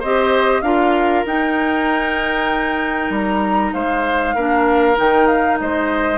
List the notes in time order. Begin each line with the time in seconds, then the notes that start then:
0.00 C4 G4 C5 D#5
0.62 D4 F4 A#4 F5
1.26 D#4 G5
3.10 G3 A#5
3.74 G#3 C5 F5
4.35 A#3 D4 A#4
4.95 D#3 D#4 G5
5.27 F5
5.60 G#3 C5 D#5